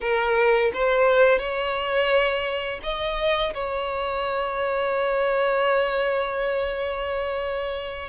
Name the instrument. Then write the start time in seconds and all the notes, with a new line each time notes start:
violin
0.00 A#4
0.73 C5
1.38 C#5
2.83 D#5
3.54 C#5